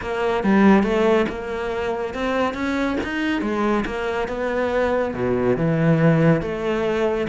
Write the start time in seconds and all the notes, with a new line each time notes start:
0.01 A#3
0.43 G3
0.83 A3
1.28 A#3
2.14 C4
2.54 C#4
3.03 D#4
3.41 G#3
3.85 A#3
4.28 B3
5.14 B2
5.57 E3
6.41 A3